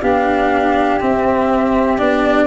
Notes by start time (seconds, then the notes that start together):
0.00 B3 D4 G4 F5
1.00 C4 E5
1.98 B3 D4 D5